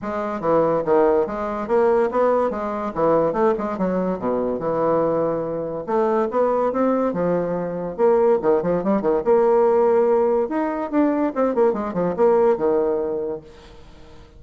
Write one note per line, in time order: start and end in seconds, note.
0.02 0.40 G#3
0.40 0.82 E3
0.85 1.26 D#3
1.26 1.67 G#3
1.67 2.09 A#3
2.11 2.50 B3
2.50 2.92 G#3
2.94 3.32 E3
3.32 3.53 A3
3.58 3.78 G#3
3.78 4.18 F#3
4.18 4.59 B2
4.59 5.85 E3
5.86 6.28 A3
6.30 6.72 B3
6.72 7.13 C4
7.13 7.96 F3
7.96 8.38 A#3
8.41 8.62 D#3
8.62 8.83 F3
8.83 9.01 G3
9.01 9.22 D#3
9.24 10.48 A#3
10.48 10.90 D#4
10.90 11.32 D4
11.35 11.54 C4
11.54 11.73 A#3
11.73 11.93 G#3
11.93 12.14 F3
12.16 12.57 A#3
12.57 13.41 D#3